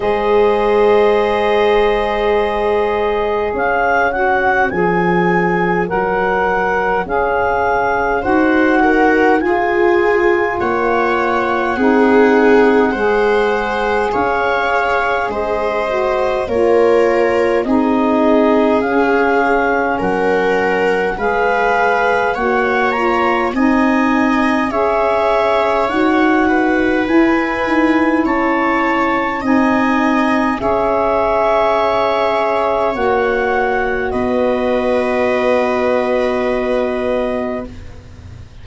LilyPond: <<
  \new Staff \with { instrumentName = "clarinet" } { \time 4/4 \tempo 4 = 51 dis''2. f''8 fis''8 | gis''4 fis''4 f''4 fis''4 | gis''4 fis''2. | f''4 dis''4 cis''4 dis''4 |
f''4 fis''4 f''4 fis''8 ais''8 | gis''4 e''4 fis''4 gis''4 | a''4 gis''4 e''2 | fis''4 dis''2. | }
  \new Staff \with { instrumentName = "viola" } { \time 4/4 c''2. cis''4~ | cis''2. c''8 ais'8 | gis'4 cis''4 gis'4 c''4 | cis''4 c''4 ais'4 gis'4~ |
gis'4 ais'4 b'4 cis''4 | dis''4 cis''4. b'4. | cis''4 dis''4 cis''2~ | cis''4 b'2. | }
  \new Staff \with { instrumentName = "saxophone" } { \time 4/4 gis'2.~ gis'8 fis'8 | gis'4 ais'4 gis'4 fis'4 | f'2 dis'4 gis'4~ | gis'4. fis'8 f'4 dis'4 |
cis'2 gis'4 fis'8 f'8 | dis'4 gis'4 fis'4 e'4~ | e'4 dis'4 gis'2 | fis'1 | }
  \new Staff \with { instrumentName = "tuba" } { \time 4/4 gis2. cis'4 | f4 fis4 cis'4 dis'4 | f'4 ais4 c'4 gis4 | cis'4 gis4 ais4 c'4 |
cis'4 fis4 gis4 ais4 | c'4 cis'4 dis'4 e'8 dis'8 | cis'4 c'4 cis'2 | ais4 b2. | }
>>